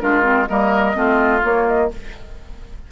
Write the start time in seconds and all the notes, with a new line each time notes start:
0.00 G#3 D4 F4 A#4
0.22 C4
0.47 G3 A#3 A#4 D#5
0.93 A3 C4 F4
1.42 A#3 C#5
1.68 D#5